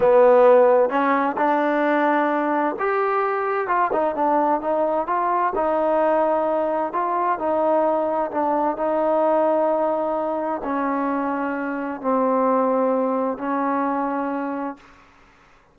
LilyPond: \new Staff \with { instrumentName = "trombone" } { \time 4/4 \tempo 4 = 130 b2 cis'4 d'4~ | d'2 g'2 | f'8 dis'8 d'4 dis'4 f'4 | dis'2. f'4 |
dis'2 d'4 dis'4~ | dis'2. cis'4~ | cis'2 c'2~ | c'4 cis'2. | }